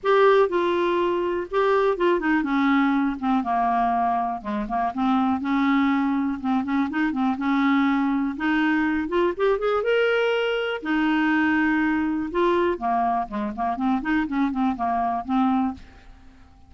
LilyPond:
\new Staff \with { instrumentName = "clarinet" } { \time 4/4 \tempo 4 = 122 g'4 f'2 g'4 | f'8 dis'8 cis'4. c'8 ais4~ | ais4 gis8 ais8 c'4 cis'4~ | cis'4 c'8 cis'8 dis'8 c'8 cis'4~ |
cis'4 dis'4. f'8 g'8 gis'8 | ais'2 dis'2~ | dis'4 f'4 ais4 gis8 ais8 | c'8 dis'8 cis'8 c'8 ais4 c'4 | }